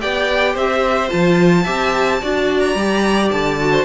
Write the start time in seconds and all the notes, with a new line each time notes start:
0.00 B3 G4 D5 G5
0.53 C4 C5 E5
1.09 F3 F4 A5
1.63 C4 G4 E5
2.21 D4 F#4 D5
2.60 A#5
2.75 G3 G4
3.31 D3 A5
3.60 F#4
3.72 C5